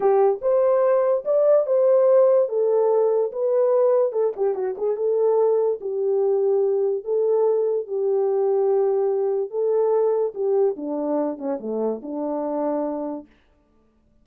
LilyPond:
\new Staff \with { instrumentName = "horn" } { \time 4/4 \tempo 4 = 145 g'4 c''2 d''4 | c''2 a'2 | b'2 a'8 g'8 fis'8 gis'8 | a'2 g'2~ |
g'4 a'2 g'4~ | g'2. a'4~ | a'4 g'4 d'4. cis'8 | a4 d'2. | }